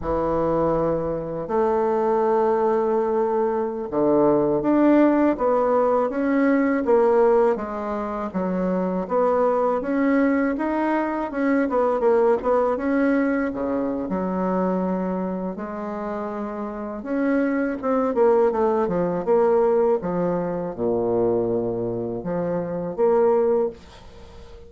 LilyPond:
\new Staff \with { instrumentName = "bassoon" } { \time 4/4 \tempo 4 = 81 e2 a2~ | a4~ a16 d4 d'4 b8.~ | b16 cis'4 ais4 gis4 fis8.~ | fis16 b4 cis'4 dis'4 cis'8 b16~ |
b16 ais8 b8 cis'4 cis8. fis4~ | fis4 gis2 cis'4 | c'8 ais8 a8 f8 ais4 f4 | ais,2 f4 ais4 | }